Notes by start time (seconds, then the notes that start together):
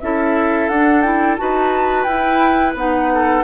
0.00 C#4 E4 A4 E5
0.68 D4 F#5
1.01 E4 G5
1.37 D#4 F#4 B4 A5
2.03 E4 G5
2.74 B3 D#4 F#5
3.13 A4